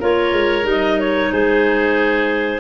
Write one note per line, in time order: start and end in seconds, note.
0.00 0.32 A#3
0.00 0.63 F4
0.00 1.30 A#4
0.00 0.67 C#5
0.32 0.65 G#3
0.63 1.30 G3
0.63 2.59 D#4
0.70 1.00 D#5
1.00 1.32 C#5
1.32 2.60 G#3
1.32 2.60 G#4
1.32 2.60 C5